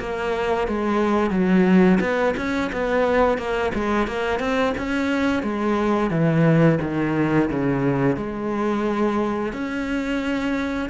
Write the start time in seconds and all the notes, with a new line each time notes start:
0.00 A#3
0.68 G#3
1.31 F#3
2.01 B3
2.37 C#4
2.72 B3
3.38 A#3
3.75 G#3
4.08 A#3
4.40 C4
4.78 C#4
5.43 G#3
6.11 E3
6.82 D#3
7.50 C#3
8.17 G#3
9.53 C#4